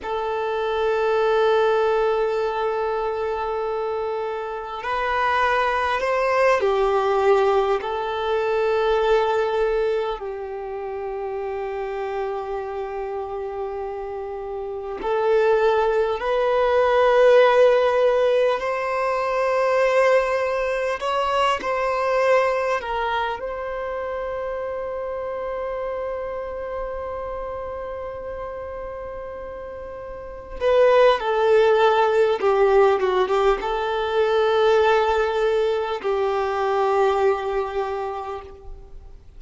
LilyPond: \new Staff \with { instrumentName = "violin" } { \time 4/4 \tempo 4 = 50 a'1 | b'4 c''8 g'4 a'4.~ | a'8 g'2.~ g'8~ | g'8 a'4 b'2 c''8~ |
c''4. cis''8 c''4 ais'8 c''8~ | c''1~ | c''4. b'8 a'4 g'8 fis'16 g'16 | a'2 g'2 | }